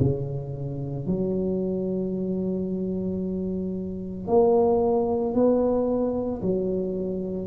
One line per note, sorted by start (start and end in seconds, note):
0.00 1.07 C#3
1.07 4.27 F#3
4.27 5.34 A#3
5.34 6.41 B3
6.42 7.47 F#3